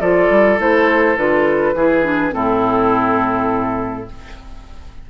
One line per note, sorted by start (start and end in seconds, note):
0.00 0.29 F3
0.00 0.58 F4
0.00 1.75 A4
0.00 0.59 D5
0.29 0.58 G3
0.58 1.17 A3
0.58 1.16 E4
0.58 1.17 C5
1.17 1.74 D3
1.17 1.75 F4
1.17 2.33 B4
1.74 2.33 E3
1.74 2.04 E4
1.74 2.34 G#4
2.04 2.31 D4
2.31 4.08 A2
2.31 4.06 C4
2.31 4.10 E4
2.31 4.08 A4